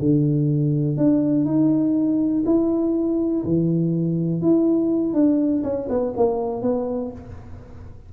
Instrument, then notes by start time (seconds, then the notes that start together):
tuba
0.00 D3
0.98 D4
1.46 D#4
2.46 E4
3.44 E3
4.42 E4
5.14 D4
5.64 C#4
5.89 B3
6.17 A#3
6.62 B3